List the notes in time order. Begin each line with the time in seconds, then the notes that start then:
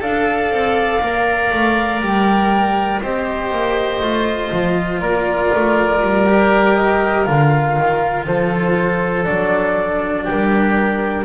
0.00 D4 A4 D5 F5
0.51 C4
1.01 A#3 A#4
1.52 A3
2.01 G3 G5
3.02 C4 G4 C5 D#5
3.51 A#3
4.01 A3 F4
4.52 F3
5.01 A#3 A#4 D5
5.54 A3
6.01 G3
6.26 G4
6.76 D#5
7.25 D3 F4 F5
7.77 D#3
8.26 F3 A4 C5
9.24 F#3 D4 D5
10.24 G3 G4 A#4